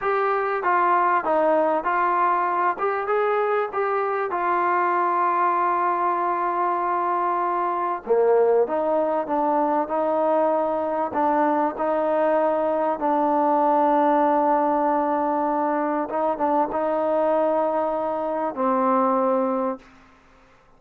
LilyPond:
\new Staff \with { instrumentName = "trombone" } { \time 4/4 \tempo 4 = 97 g'4 f'4 dis'4 f'4~ | f'8 g'8 gis'4 g'4 f'4~ | f'1~ | f'4 ais4 dis'4 d'4 |
dis'2 d'4 dis'4~ | dis'4 d'2.~ | d'2 dis'8 d'8 dis'4~ | dis'2 c'2 | }